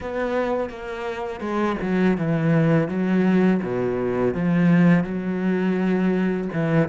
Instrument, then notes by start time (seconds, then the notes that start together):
cello
0.00 B3
0.69 A#3
1.40 G#3
1.81 F#3
2.17 E3
2.88 F#3
3.62 B2
4.34 F3
5.03 F#3
6.53 E3